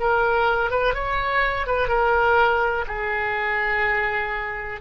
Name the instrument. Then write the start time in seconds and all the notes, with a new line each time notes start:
oboe
0.00 A#4
0.71 B4
0.94 C#5
1.67 B4
1.88 A#4
2.88 G#4